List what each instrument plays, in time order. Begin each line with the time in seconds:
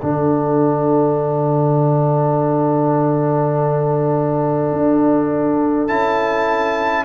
0.00 tuba D3, trombone D4, horn A4, trumpet F#5
4.72 tuba D4
5.87 tuba C#4, trombone E4, trumpet A5